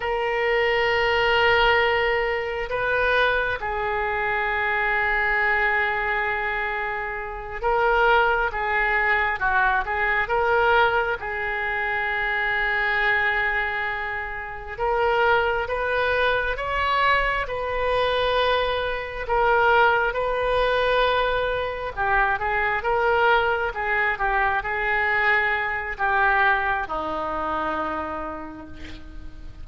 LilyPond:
\new Staff \with { instrumentName = "oboe" } { \time 4/4 \tempo 4 = 67 ais'2. b'4 | gis'1~ | gis'8 ais'4 gis'4 fis'8 gis'8 ais'8~ | ais'8 gis'2.~ gis'8~ |
gis'8 ais'4 b'4 cis''4 b'8~ | b'4. ais'4 b'4.~ | b'8 g'8 gis'8 ais'4 gis'8 g'8 gis'8~ | gis'4 g'4 dis'2 | }